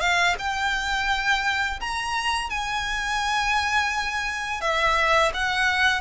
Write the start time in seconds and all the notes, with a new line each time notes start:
0.00 F5
0.38 G5
1.80 A#5
2.50 G#5
4.61 E5
5.34 F#5